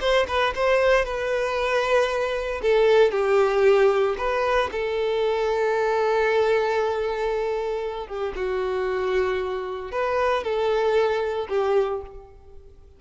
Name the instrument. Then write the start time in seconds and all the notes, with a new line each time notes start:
violin
0.00 C5
0.27 B4
0.55 C5
1.04 B4
2.62 A4
3.11 G4
4.18 B4
4.71 A4
8.07 G4
8.35 F#4
9.92 B4
10.43 A4
11.49 G4